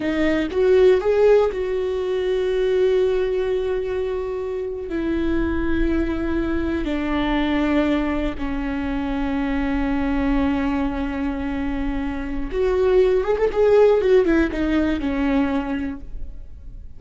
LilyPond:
\new Staff \with { instrumentName = "viola" } { \time 4/4 \tempo 4 = 120 dis'4 fis'4 gis'4 fis'4~ | fis'1~ | fis'4.~ fis'16 e'2~ e'16~ | e'4.~ e'16 d'2~ d'16~ |
d'8. cis'2.~ cis'16~ | cis'1~ | cis'4 fis'4. gis'16 a'16 gis'4 | fis'8 e'8 dis'4 cis'2 | }